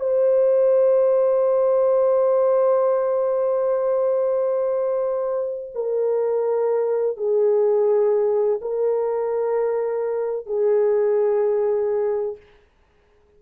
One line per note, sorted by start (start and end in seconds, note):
0.00 5.71 C5
5.75 7.17 A#4
7.17 8.60 G#4
8.61 10.46 A#4
10.46 12.37 G#4